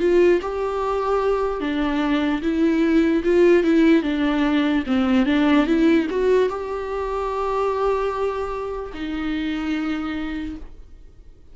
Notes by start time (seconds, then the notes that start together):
0.00 F4
0.42 G4
1.61 D4
2.42 E4
3.24 F4
3.64 E4
4.03 D4
4.87 C4
5.26 D4
5.67 E4
6.10 F#4
6.49 G4
8.94 D#4